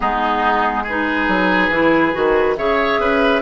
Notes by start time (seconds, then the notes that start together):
0.00 G#3 B3 D#4 G#4
0.83 G#4 B4
0.89 D#4
1.28 F#3
1.69 E3 E4
2.12 D#3 F#4
2.56 C#3 G#4 C#5 E5
2.99 C#4 B4